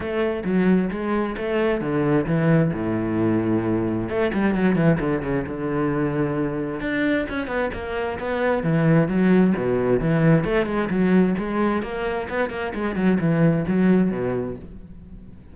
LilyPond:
\new Staff \with { instrumentName = "cello" } { \time 4/4 \tempo 4 = 132 a4 fis4 gis4 a4 | d4 e4 a,2~ | a,4 a8 g8 fis8 e8 d8 cis8 | d2. d'4 |
cis'8 b8 ais4 b4 e4 | fis4 b,4 e4 a8 gis8 | fis4 gis4 ais4 b8 ais8 | gis8 fis8 e4 fis4 b,4 | }